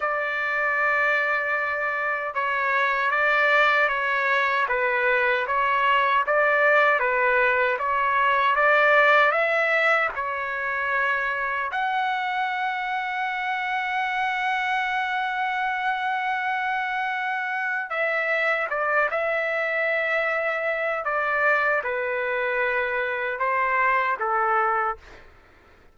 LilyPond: \new Staff \with { instrumentName = "trumpet" } { \time 4/4 \tempo 4 = 77 d''2. cis''4 | d''4 cis''4 b'4 cis''4 | d''4 b'4 cis''4 d''4 | e''4 cis''2 fis''4~ |
fis''1~ | fis''2. e''4 | d''8 e''2~ e''8 d''4 | b'2 c''4 a'4 | }